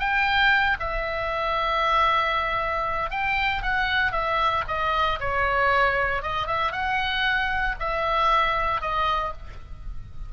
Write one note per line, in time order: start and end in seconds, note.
0.00 0.78 G5
0.80 3.11 E5
3.11 3.63 G5
3.63 4.13 F#5
4.13 4.64 E5
4.68 5.20 D#5
5.21 6.23 C#5
6.23 6.47 D#5
6.47 6.72 E5
6.72 7.76 F#5
7.80 8.81 E5
8.81 9.33 D#5